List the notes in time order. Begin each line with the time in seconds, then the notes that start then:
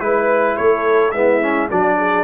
0.00 G#3 E4 B4
0.57 A3 A4 C#5
1.12 G#3 B3 E4 E5
1.42 C#4
1.69 F#3 D4 F#4 D5
1.98 G#4